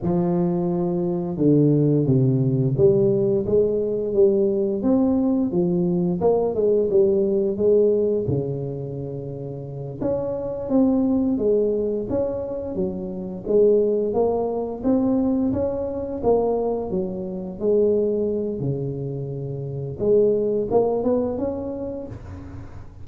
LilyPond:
\new Staff \with { instrumentName = "tuba" } { \time 4/4 \tempo 4 = 87 f2 d4 c4 | g4 gis4 g4 c'4 | f4 ais8 gis8 g4 gis4 | cis2~ cis8 cis'4 c'8~ |
c'8 gis4 cis'4 fis4 gis8~ | gis8 ais4 c'4 cis'4 ais8~ | ais8 fis4 gis4. cis4~ | cis4 gis4 ais8 b8 cis'4 | }